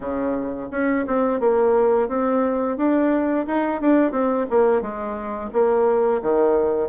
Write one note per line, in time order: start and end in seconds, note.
0.00 0.68 C#3
0.71 1.05 C#4
1.07 1.39 C4
1.39 2.08 A#3
2.08 2.77 C4
2.77 3.46 D4
3.46 3.81 D#4
3.81 4.11 D4
4.11 4.46 C4
4.50 4.81 A#3
4.81 5.50 G#3
5.52 6.21 A#3
6.21 6.89 D#3